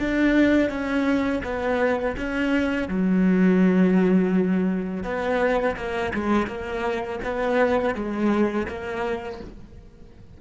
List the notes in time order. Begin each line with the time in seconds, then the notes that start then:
0.00 D4
0.70 C#4
1.44 B3
2.17 C#4
2.88 F#3
5.03 B3
5.76 A#3
6.14 G#3
6.47 A#3
7.24 B3
7.95 G#3
8.68 A#3